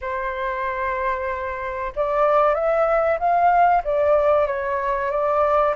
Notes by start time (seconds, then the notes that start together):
0.01 C5
1.95 D5
2.54 E5
3.19 F5
3.84 D5
4.47 C#5
5.11 D5